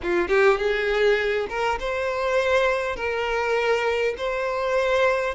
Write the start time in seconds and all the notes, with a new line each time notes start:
0.02 F4
0.28 G4
0.58 G#4
1.49 A#4
1.79 C5
2.96 A#4
4.17 C5